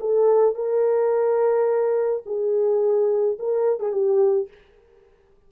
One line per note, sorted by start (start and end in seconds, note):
0.00 0.55 A4
0.55 2.23 A#4
2.26 3.38 G#4
3.39 3.80 A#4
3.80 3.92 G#4
3.92 4.48 G4